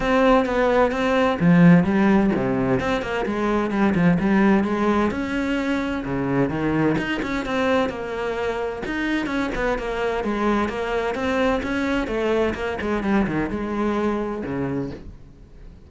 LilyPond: \new Staff \with { instrumentName = "cello" } { \time 4/4 \tempo 4 = 129 c'4 b4 c'4 f4 | g4 c4 c'8 ais8 gis4 | g8 f8 g4 gis4 cis'4~ | cis'4 cis4 dis4 dis'8 cis'8 |
c'4 ais2 dis'4 | cis'8 b8 ais4 gis4 ais4 | c'4 cis'4 a4 ais8 gis8 | g8 dis8 gis2 cis4 | }